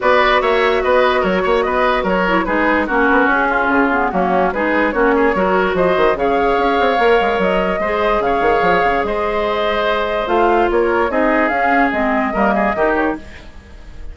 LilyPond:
<<
  \new Staff \with { instrumentName = "flute" } { \time 4/4 \tempo 4 = 146 d''4 e''4 dis''4 cis''4 | dis''4 cis''4 b'4 ais'4 | gis'2 fis'4 b'4 | cis''2 dis''4 f''4~ |
f''2 dis''2 | f''2 dis''2~ | dis''4 f''4 cis''4 dis''4 | f''4 dis''2~ dis''8 cis''8 | }
  \new Staff \with { instrumentName = "oboe" } { \time 4/4 b'4 cis''4 b'4 ais'8 cis''8 | b'4 ais'4 gis'4 fis'4~ | fis'8 f'4. cis'4 gis'4 | fis'8 gis'8 ais'4 c''4 cis''4~ |
cis''2. c''4 | cis''2 c''2~ | c''2 ais'4 gis'4~ | gis'2 ais'8 gis'8 g'4 | }
  \new Staff \with { instrumentName = "clarinet" } { \time 4/4 fis'1~ | fis'4. e'8 dis'4 cis'4~ | cis'4. b8 ais4 dis'4 | cis'4 fis'2 gis'4~ |
gis'4 ais'2 gis'4~ | gis'1~ | gis'4 f'2 dis'4 | cis'4 c'4 ais4 dis'4 | }
  \new Staff \with { instrumentName = "bassoon" } { \time 4/4 b4 ais4 b4 fis8 ais8 | b4 fis4 gis4 ais8 b8 | cis'4 cis4 fis4 gis4 | ais4 fis4 f8 dis8 cis4 |
cis'8 c'8 ais8 gis8 fis4 gis4 | cis8 dis8 f8 cis8 gis2~ | gis4 a4 ais4 c'4 | cis'4 gis4 g4 dis4 | }
>>